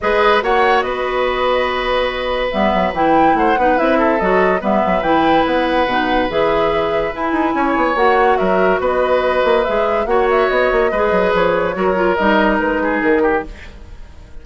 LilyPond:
<<
  \new Staff \with { instrumentName = "flute" } { \time 4/4 \tempo 4 = 143 dis''4 fis''4 dis''2~ | dis''2 e''4 g''4 | fis''4 e''4 dis''4 e''4 | g''4 fis''2 e''4~ |
e''4 gis''2 fis''4 | e''4 dis''2 e''4 | fis''8 e''8 dis''2 cis''4~ | cis''4 dis''4 b'4 ais'4 | }
  \new Staff \with { instrumentName = "oboe" } { \time 4/4 b'4 cis''4 b'2~ | b'1 | c''8 b'4 a'4. b'4~ | b'1~ |
b'2 cis''2 | ais'4 b'2. | cis''2 b'2 | ais'2~ ais'8 gis'4 g'8 | }
  \new Staff \with { instrumentName = "clarinet" } { \time 4/4 gis'4 fis'2.~ | fis'2 b4 e'4~ | e'8 dis'8 e'4 fis'4 b4 | e'2 dis'4 gis'4~ |
gis'4 e'2 fis'4~ | fis'2. gis'4 | fis'2 gis'2 | fis'8 f'8 dis'2. | }
  \new Staff \with { instrumentName = "bassoon" } { \time 4/4 gis4 ais4 b2~ | b2 g8 fis8 e4 | a8 b8 c'4 fis4 g8 fis8 | e4 b4 b,4 e4~ |
e4 e'8 dis'8 cis'8 b8 ais4 | fis4 b4. ais8 gis4 | ais4 b8 ais8 gis8 fis8 f4 | fis4 g4 gis4 dis4 | }
>>